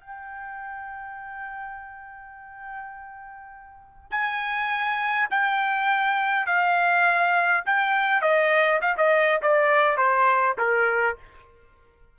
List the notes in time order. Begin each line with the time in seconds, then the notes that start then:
0.00 G5
4.10 G#5
5.30 G5
6.46 F5
7.65 G5
8.21 D#5
8.81 F5
8.97 D#5
9.41 D5
9.97 C5
10.57 A#4